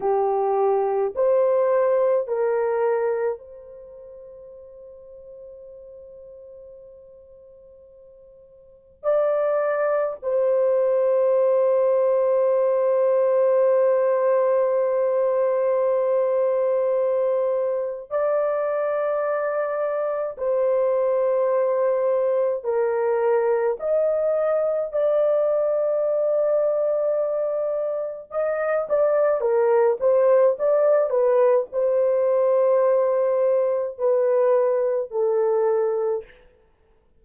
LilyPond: \new Staff \with { instrumentName = "horn" } { \time 4/4 \tempo 4 = 53 g'4 c''4 ais'4 c''4~ | c''1 | d''4 c''2.~ | c''1 |
d''2 c''2 | ais'4 dis''4 d''2~ | d''4 dis''8 d''8 ais'8 c''8 d''8 b'8 | c''2 b'4 a'4 | }